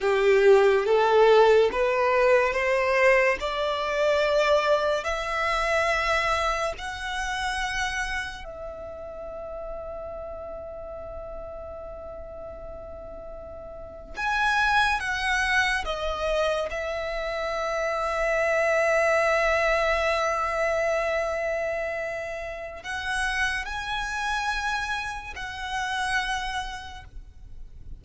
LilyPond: \new Staff \with { instrumentName = "violin" } { \time 4/4 \tempo 4 = 71 g'4 a'4 b'4 c''4 | d''2 e''2 | fis''2 e''2~ | e''1~ |
e''8. gis''4 fis''4 dis''4 e''16~ | e''1~ | e''2. fis''4 | gis''2 fis''2 | }